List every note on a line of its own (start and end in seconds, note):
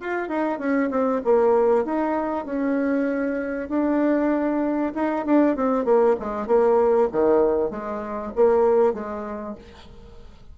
0.00 0.29 F4
0.29 0.59 D#4
0.59 0.90 C#4
0.91 1.21 C4
1.25 1.85 A#3
1.85 2.45 D#4
2.45 3.69 C#4
3.69 4.93 D4
4.95 5.25 D#4
5.26 5.56 D4
5.56 5.85 C4
5.85 6.16 A#3
6.20 6.47 G#3
6.47 7.09 A#3
7.12 7.71 D#3
7.71 8.33 G#3
8.36 8.94 A#3
8.94 9.55 G#3